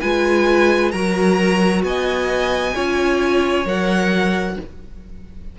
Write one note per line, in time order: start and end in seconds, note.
0.00 0.93 G#3
0.00 0.93 F4
0.00 0.92 B4
0.00 0.91 G#5
0.91 1.83 F#3
0.91 2.75 F#4
0.91 1.83 A#4
0.91 1.82 A#5
1.83 2.74 B3
1.83 2.74 D#5
1.83 3.66 G#5
2.74 3.65 C#4
2.74 3.66 F4
2.74 4.56 C#5
3.65 4.56 F#3
3.65 4.57 A#4
3.65 4.59 F#5